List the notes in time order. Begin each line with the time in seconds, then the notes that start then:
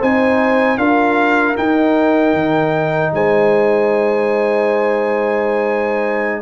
0.00 C4 D#4 C5 G#5
0.78 D4 F4 A#4 F5
1.56 D#4 G5
2.33 D#3
3.13 G#3 C5 G#5